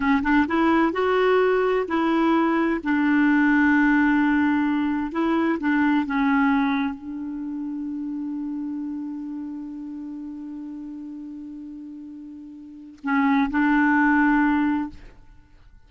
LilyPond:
\new Staff \with { instrumentName = "clarinet" } { \time 4/4 \tempo 4 = 129 cis'8 d'8 e'4 fis'2 | e'2 d'2~ | d'2. e'4 | d'4 cis'2 d'4~ |
d'1~ | d'1~ | d'1 | cis'4 d'2. | }